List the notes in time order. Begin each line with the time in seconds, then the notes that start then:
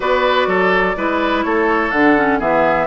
0.00 B3 F#4 B4 D5
0.47 F#3 A4
0.96 G#3 E4 B4
1.43 A3 A4 C#5
1.91 D3 D4 F#5
2.17 C#4
2.38 E3 B3 G#4 E5